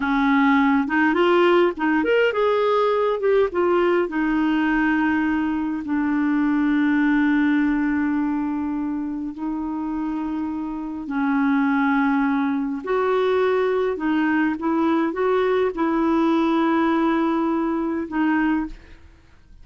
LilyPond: \new Staff \with { instrumentName = "clarinet" } { \time 4/4 \tempo 4 = 103 cis'4. dis'8 f'4 dis'8 ais'8 | gis'4. g'8 f'4 dis'4~ | dis'2 d'2~ | d'1 |
dis'2. cis'4~ | cis'2 fis'2 | dis'4 e'4 fis'4 e'4~ | e'2. dis'4 | }